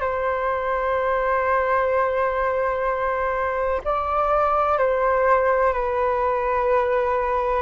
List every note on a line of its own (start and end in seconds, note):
0.00 3.81 C5
3.84 4.77 D5
4.77 5.73 C5
5.73 7.62 B4